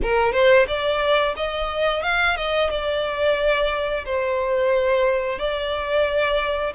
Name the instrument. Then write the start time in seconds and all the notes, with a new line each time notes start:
violin
0.02 A#4
0.32 C5
0.67 D5
1.36 D#5
2.03 F5
2.36 D#5
2.70 D5
4.05 C5
5.38 D5